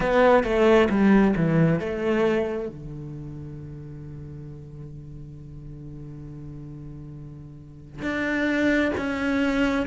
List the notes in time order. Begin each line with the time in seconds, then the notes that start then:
0.00 B3
0.43 A3
0.89 G3
1.36 E3
1.79 A3
2.68 D3
8.01 D4
8.97 C#4